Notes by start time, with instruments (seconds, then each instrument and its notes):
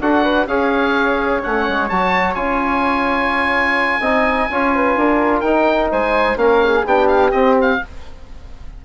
0.00 bassoon D4, trombone F#4, flute A4, oboe F#5
0.23 flute B4
0.47 bassoon C#4, trombone G#4, flute C#5, oboe F5
1.43 bassoon A3, trombone C#4, oboe F#5
1.69 bassoon G#3
1.89 bassoon F#3, trombone F#4, oboe A5
2.35 bassoon C#4, trombone F4, oboe G#5
4.00 bassoon C4, trombone D#4, flute D#5
4.50 bassoon C#4, trombone F4, flute C#5
4.75 flute B4
4.96 bassoon D4, flute A#4
5.40 bassoon D#4, trombone D#4, oboe G5
5.91 bassoon G#3, flute C5, oboe G#5
6.36 bassoon A#3, trombone C#4, flute A#4, oboe F5
6.64 flute G#4
6.85 bassoon B3, trombone D4, flute G4, oboe G5
7.07 oboe F5
7.31 trombone C4, bassoon C4, oboe D#5
7.61 oboe F5